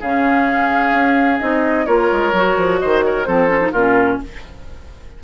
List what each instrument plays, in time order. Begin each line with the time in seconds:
0.00 bassoon C#3, clarinet C#4, oboe G#4, flute F5
0.93 bassoon C#4
1.39 bassoon C4, clarinet D#4, flute D#5
1.86 bassoon A#3, clarinet F4, oboe A#4, flute C#5
2.12 bassoon G#3
2.33 bassoon F#3, clarinet F#4
2.57 bassoon F3
2.79 bassoon D#3, oboe C5, flute D#5
3.04 oboe A#4, flute C#5
3.25 bassoon F3, clarinet C4, oboe A4, flute C5
3.48 clarinet C#4
3.60 clarinet D#4
3.72 bassoon A#2, clarinet C#4, oboe F4, flute A#4